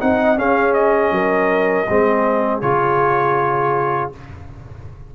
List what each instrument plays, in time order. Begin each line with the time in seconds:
0.00 tuba C4, trombone D#4, horn D#5, trumpet F#5
0.37 trombone C#4, tuba C#4, horn G#4, trumpet F5
0.73 trumpet D#5
1.11 tuba F#3, horn A#4
1.89 tuba G#3, trombone C4, horn G#4
2.61 tuba C#3, trombone F4, trumpet C#5